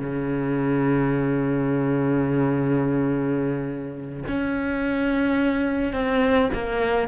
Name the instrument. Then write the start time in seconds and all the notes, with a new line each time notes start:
cello
0.00 C#3
4.29 C#4
5.93 C4
6.54 A#3